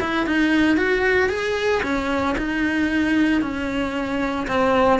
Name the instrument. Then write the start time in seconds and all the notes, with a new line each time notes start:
cello
0.00 E4
0.27 D#4
0.77 F#4
1.29 G#4
1.83 C#4
2.38 D#4
3.42 C#4
4.48 C4